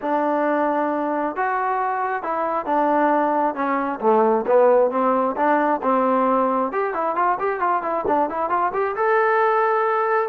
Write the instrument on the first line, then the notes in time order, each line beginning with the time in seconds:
trombone
0.01 D4
1.36 F#4
2.22 E4
2.65 D4
3.54 C#4
4.00 A3
4.46 B3
4.90 C4
5.36 D4
5.82 C4
6.72 G4
6.94 E4
7.15 F4
7.39 G4
7.59 F4
7.82 E4
8.07 D4
8.29 E4
8.49 F4
8.73 G4
8.96 A4